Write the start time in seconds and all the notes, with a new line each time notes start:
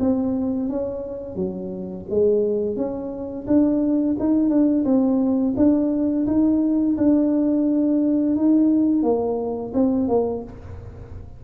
0.00 C4
0.69 C#4
1.36 F#3
2.10 G#3
2.77 C#4
3.47 D4
4.20 D#4
4.50 D4
4.85 C4
5.57 D4
6.27 D#4
6.98 D4
8.36 D#4
9.03 A#3
9.74 C4
10.08 A#3